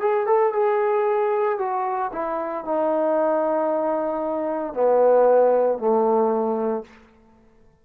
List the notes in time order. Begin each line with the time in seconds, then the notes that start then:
0.00 G#4
0.26 A4
0.53 G#4
1.58 F#4
2.12 E4
2.65 D#4
4.74 B3
5.78 A3